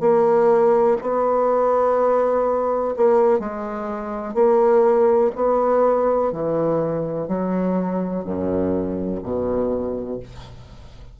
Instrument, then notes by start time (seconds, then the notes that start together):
bassoon
0.00 A#3
1.01 B3
2.96 A#3
3.39 G#3
4.34 A#3
5.35 B3
6.32 E3
7.28 F#3
8.24 F#2
9.22 B2